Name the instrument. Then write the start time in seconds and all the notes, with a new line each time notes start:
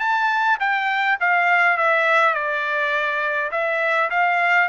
trumpet
0.00 A5
0.60 G5
1.20 F5
1.77 E5
2.34 D5
3.52 E5
4.10 F5